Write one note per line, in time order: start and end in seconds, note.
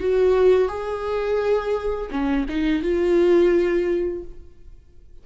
0.00 0.68 F#4
0.68 2.10 G#4
2.11 2.46 C#4
2.49 2.82 D#4
2.82 4.24 F4